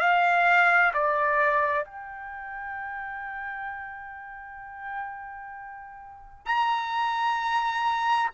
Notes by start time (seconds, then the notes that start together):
0.00 F5
0.94 D5
1.85 G5
6.46 A#5